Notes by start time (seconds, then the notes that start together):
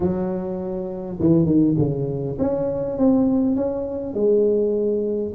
0.00 F#3
1.20 E3
1.45 D#3
1.78 C#3
2.38 C#4
2.98 C4
3.55 C#4
4.14 G#3